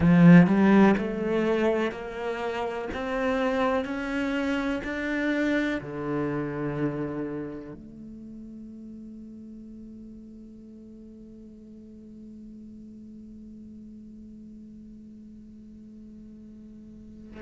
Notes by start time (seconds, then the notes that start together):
0.00 F3
0.46 G3
0.97 A3
1.91 A#3
2.93 C4
3.84 C#4
4.84 D4
5.81 D3
7.73 A3